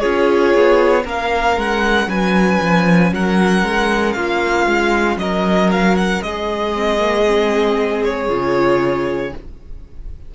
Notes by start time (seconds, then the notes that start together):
0.00 C#4 F4 G#4 C#5
0.55 B3
1.04 A#3 C#4 A#4 F5
1.57 G#3 F#5
2.07 F#3 B4 G#5
2.62 F3
3.12 F#3 A#4 F#5
3.64 G#3
4.13 A#3 F4 F5
4.67 G#3
5.17 F#3 A#4 D#5
5.71 F5
5.96 F#5
6.22 G#3 G#4 D#5
6.74 C4
6.99 A#3
7.27 C4
8.04 C#5
8.29 C#3 F4